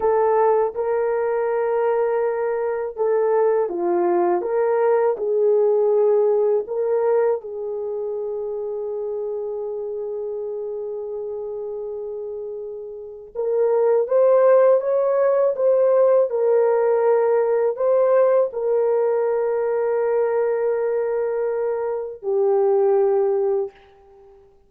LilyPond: \new Staff \with { instrumentName = "horn" } { \time 4/4 \tempo 4 = 81 a'4 ais'2. | a'4 f'4 ais'4 gis'4~ | gis'4 ais'4 gis'2~ | gis'1~ |
gis'2 ais'4 c''4 | cis''4 c''4 ais'2 | c''4 ais'2.~ | ais'2 g'2 | }